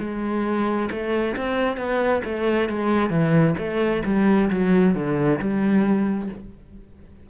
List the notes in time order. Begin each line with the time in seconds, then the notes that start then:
0.00 G#3
0.91 A3
1.37 C4
1.77 B3
2.25 A3
2.69 G#3
3.10 E3
3.59 A3
4.05 G3
4.51 F#3
4.95 D3
5.40 G3